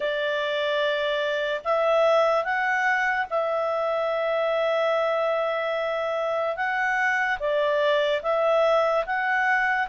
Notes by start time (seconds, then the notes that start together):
0.00 D5
1.64 E5
2.44 F#5
3.30 E5
6.56 F#5
7.39 D5
8.22 E5
9.06 F#5